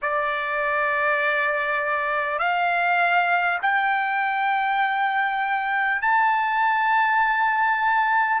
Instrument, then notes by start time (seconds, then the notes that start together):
trumpet
0.02 D5
2.38 F5
3.62 G5
6.01 A5